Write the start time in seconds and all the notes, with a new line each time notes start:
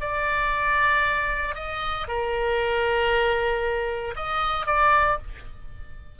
0.00 D5
1.55 D#5
2.08 A#4
4.16 D#5
4.66 D5